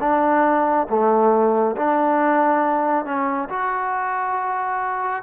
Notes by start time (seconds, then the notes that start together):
0.00 D4
0.89 A3
1.76 D4
3.05 C#4
3.49 F#4